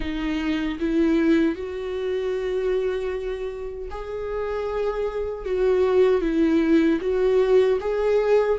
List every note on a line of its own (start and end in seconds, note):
0.00 0.78 D#4
0.79 1.55 E4
1.55 3.89 F#4
3.90 5.45 G#4
5.45 6.21 F#4
6.21 6.99 E4
7.01 7.79 F#4
7.80 8.58 G#4